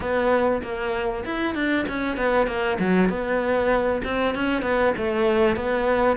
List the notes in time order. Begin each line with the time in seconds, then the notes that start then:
0.00 B3
0.62 A#3
1.24 E4
1.55 D4
1.88 C#4
2.16 B3
2.47 A#3
2.79 F#3
3.09 B3
4.03 C4
4.34 C#4
4.62 B3
4.97 A3
5.56 B3